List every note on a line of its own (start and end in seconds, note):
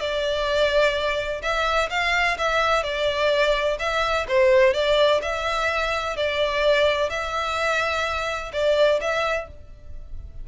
0.00 1.42 D5
1.42 1.89 E5
1.90 2.37 F5
2.38 2.83 E5
2.83 3.78 D5
3.79 4.26 E5
4.28 4.74 C5
4.74 5.21 D5
5.22 6.16 E5
6.16 7.10 D5
7.10 8.51 E5
8.53 9.00 D5
9.01 9.48 E5